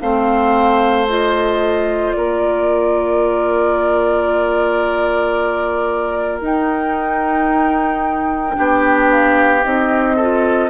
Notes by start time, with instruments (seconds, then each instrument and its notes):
0.00 bassoon A3, clarinet C4, oboe C5, flute F5
1.08 clarinet F4, flute D#5
2.11 bassoon A#3, oboe A#4, flute D5
6.41 bassoon D#4, clarinet D#4, flute G5
8.53 bassoon B3, clarinet D4, oboe G4
9.10 flute F5
9.64 bassoon C4, clarinet D#4, flute D#5
10.16 clarinet F4, oboe A4